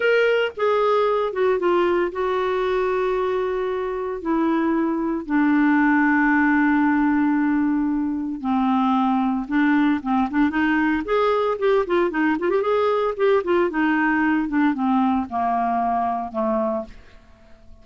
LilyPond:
\new Staff \with { instrumentName = "clarinet" } { \time 4/4 \tempo 4 = 114 ais'4 gis'4. fis'8 f'4 | fis'1 | e'2 d'2~ | d'1 |
c'2 d'4 c'8 d'8 | dis'4 gis'4 g'8 f'8 dis'8 f'16 g'16 | gis'4 g'8 f'8 dis'4. d'8 | c'4 ais2 a4 | }